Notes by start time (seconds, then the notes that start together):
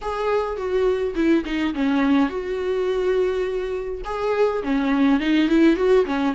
0.01 G#4
0.56 F#4
1.15 E4
1.44 D#4
1.74 C#4
2.29 F#4
4.05 G#4
4.63 C#4
5.19 D#4
5.48 E4
5.76 F#4
6.05 C#4